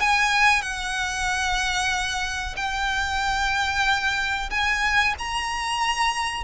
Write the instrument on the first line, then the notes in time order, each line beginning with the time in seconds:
violin
0.00 G#5
0.62 F#5
2.56 G5
4.50 G#5
5.18 A#5